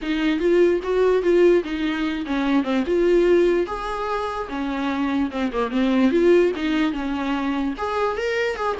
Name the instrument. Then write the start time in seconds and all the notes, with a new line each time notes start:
viola
0.01 D#4
0.39 F4
0.83 F#4
1.22 F4
1.63 D#4
2.26 C#4
2.63 C4
2.86 F4
3.66 G#4
4.48 C#4
5.30 C4
5.52 A#3
5.70 C4
6.11 F4
6.55 D#4
6.92 C#4
7.77 G#4
8.17 A#4
8.56 G#4